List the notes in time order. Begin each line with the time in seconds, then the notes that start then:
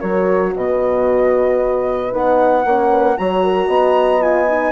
0.00 F#3 F#4 A#4 C#5
0.56 B2 B4 D#5
2.12 B3 D#4 F#5
2.65 A#3 C#4 C#5
2.91 B4
3.17 F#3 F#4 C#5 A#5
3.44 A#4
3.68 B3 D#5
4.21 F4 G#5
4.49 D#4